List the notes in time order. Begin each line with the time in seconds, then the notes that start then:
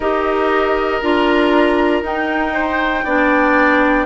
0.00 D#4 G4 A#4 D#5
1.01 D4 F4 A#5
2.02 D#4 G5
2.53 C5
3.04 B3 D4 D5